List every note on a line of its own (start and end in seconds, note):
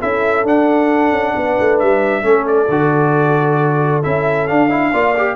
0.00 0.44 C#4
0.00 0.45 E4
0.00 1.34 A4
0.00 0.46 E5
0.44 1.11 D4
0.44 2.22 D4
0.44 1.79 F#5
1.11 1.33 C#4
1.35 1.58 B3
1.35 2.24 B4
1.60 1.82 A3
1.79 2.23 G3
1.79 2.46 E5
2.22 2.68 A3
2.22 2.67 C#4
2.22 4.92 A4
2.47 4.03 D5
2.68 4.03 D3
2.68 4.03 F#4
4.03 4.49 C#4
4.03 4.48 E4
4.03 4.48 E5
4.48 4.70 D4
4.48 4.93 D4
4.48 5.35 F5
4.70 4.92 E4
4.92 5.35 A#3
4.92 5.15 F4
4.92 5.35 D5
5.17 5.35 G4